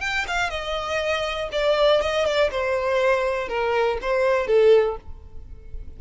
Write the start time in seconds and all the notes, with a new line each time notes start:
0.00 G5
0.27 F5
0.50 D#5
1.51 D5
2.01 D#5
2.25 D5
2.51 C5
3.48 A#4
4.01 C5
4.47 A4